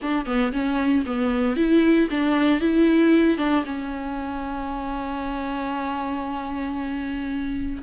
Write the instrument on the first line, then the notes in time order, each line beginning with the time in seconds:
viola
0.01 D4
0.25 B3
0.52 C#4
1.06 B3
1.56 E4
2.10 D4
2.60 E4
3.37 D4
3.65 C#4